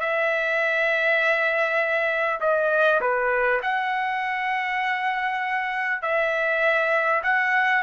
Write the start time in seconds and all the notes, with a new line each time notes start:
0.00 E5
2.41 D#5
3.01 B4
3.63 F#5
6.02 E5
7.23 F#5